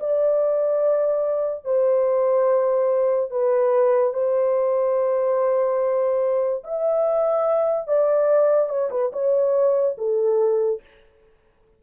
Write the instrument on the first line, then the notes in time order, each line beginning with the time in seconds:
horn
0.00 D5
1.65 C5
3.31 B4
4.14 C5
6.64 E5
7.87 D5
8.69 C#5
8.91 B4
9.13 C#5
9.98 A4